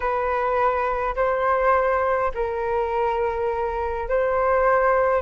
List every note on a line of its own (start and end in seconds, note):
0.00 1.15 B4
1.15 2.31 C5
2.34 4.08 A#4
4.08 5.22 C5